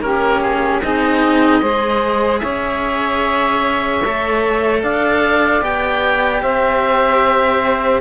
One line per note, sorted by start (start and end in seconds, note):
0.00 0.80 A#3
0.00 0.82 C#4
0.00 0.82 G4
0.00 0.41 A#4
0.41 0.81 G#4
0.81 1.61 C4
0.81 1.62 D#4
0.81 1.60 G#4
0.81 2.38 D#5
1.60 2.41 G#3
1.60 4.02 G#4
1.60 2.40 C5
2.38 4.04 C#4
2.38 4.81 C#5
2.38 4.78 E5
4.04 4.82 A3
4.04 5.61 A4
4.82 5.61 D4
4.82 6.42 D5
4.82 5.63 F5
5.61 6.41 B3
5.61 8.00 G4
5.61 6.42 G5
6.42 8.00 C4
6.42 8.00 C5
6.42 8.00 E5